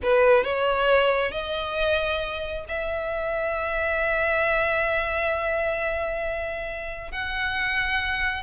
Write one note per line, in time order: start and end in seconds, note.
0.02 0.44 B4
0.44 1.31 C#5
1.31 2.65 D#5
2.68 7.11 E5
7.11 8.42 F#5